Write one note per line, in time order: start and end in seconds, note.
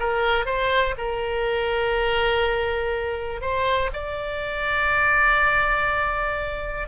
0.00 0.46 A#4
0.46 0.95 C5
0.98 3.41 A#4
3.41 3.91 C5
3.93 6.88 D5